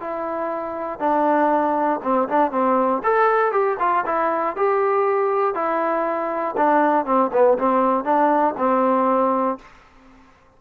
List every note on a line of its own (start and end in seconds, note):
0.00 0.99 E4
0.99 2.00 D4
2.03 2.28 C4
2.28 2.51 D4
2.51 3.02 C4
3.03 3.52 A4
3.52 3.77 G4
3.79 4.05 F4
4.06 4.56 E4
4.56 5.54 G4
5.54 6.55 E4
6.57 7.05 D4
7.05 7.30 C4
7.32 7.58 B3
7.58 8.04 C4
8.04 8.54 D4
8.57 9.58 C4